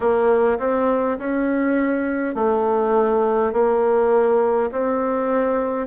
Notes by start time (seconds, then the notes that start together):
0.00 A#3
0.59 C4
1.18 C#4
2.35 A3
3.52 A#3
4.71 C4